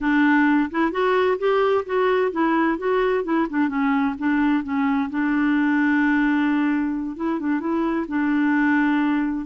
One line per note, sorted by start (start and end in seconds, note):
0.00 0.70 D4
0.70 0.91 E4
0.91 1.37 F#4
1.38 1.84 G4
1.85 2.31 F#4
2.31 2.78 E4
2.78 3.24 F#4
3.24 3.47 E4
3.49 3.68 D4
3.68 4.14 C#4
4.18 4.63 D4
4.63 5.09 C#4
5.10 7.16 D4
7.16 7.39 E4
7.39 7.59 D4
7.59 8.06 E4
8.08 9.45 D4